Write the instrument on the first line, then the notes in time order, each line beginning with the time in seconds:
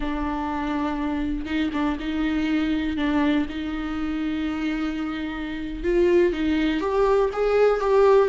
viola
0.00 D4
1.45 D#4
1.73 D4
1.99 D#4
2.96 D4
3.49 D#4
5.83 F4
6.32 D#4
6.80 G4
7.33 G#4
7.80 G4